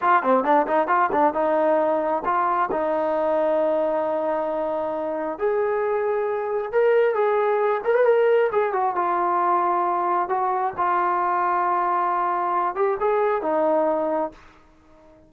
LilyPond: \new Staff \with { instrumentName = "trombone" } { \time 4/4 \tempo 4 = 134 f'8 c'8 d'8 dis'8 f'8 d'8 dis'4~ | dis'4 f'4 dis'2~ | dis'1 | gis'2. ais'4 |
gis'4. ais'16 b'16 ais'4 gis'8 fis'8 | f'2. fis'4 | f'1~ | f'8 g'8 gis'4 dis'2 | }